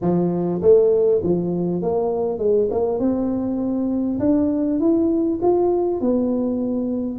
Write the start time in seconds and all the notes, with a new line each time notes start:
0.01 F3
0.61 A3
1.23 F3
1.82 A#3
2.38 G#3
2.71 A#3
2.99 C4
4.19 D4
4.79 E4
5.41 F4
6.00 B3